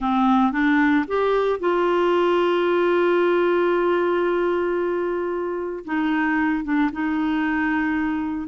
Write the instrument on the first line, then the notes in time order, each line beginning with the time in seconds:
clarinet
0.00 C4
0.52 D4
1.07 G4
1.59 F4
5.84 D#4
6.64 D4
6.92 D#4